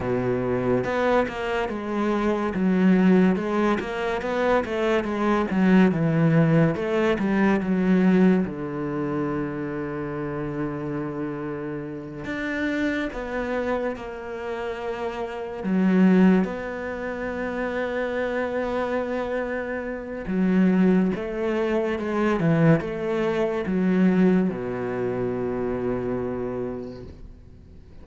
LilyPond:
\new Staff \with { instrumentName = "cello" } { \time 4/4 \tempo 4 = 71 b,4 b8 ais8 gis4 fis4 | gis8 ais8 b8 a8 gis8 fis8 e4 | a8 g8 fis4 d2~ | d2~ d8 d'4 b8~ |
b8 ais2 fis4 b8~ | b1 | fis4 a4 gis8 e8 a4 | fis4 b,2. | }